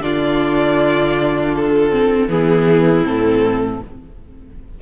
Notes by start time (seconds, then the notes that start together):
0.00 D3 D4 F4 D5
1.55 A4
1.91 C4
2.27 E3 B3 E4 G#4
3.03 A2 C4 A4